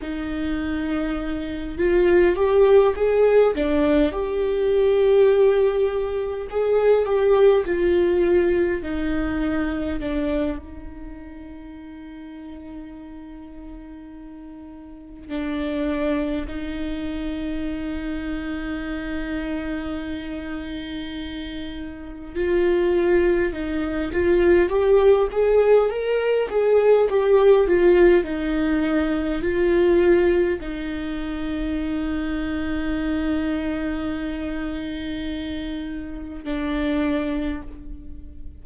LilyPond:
\new Staff \with { instrumentName = "viola" } { \time 4/4 \tempo 4 = 51 dis'4. f'8 g'8 gis'8 d'8 g'8~ | g'4. gis'8 g'8 f'4 dis'8~ | dis'8 d'8 dis'2.~ | dis'4 d'4 dis'2~ |
dis'2. f'4 | dis'8 f'8 g'8 gis'8 ais'8 gis'8 g'8 f'8 | dis'4 f'4 dis'2~ | dis'2. d'4 | }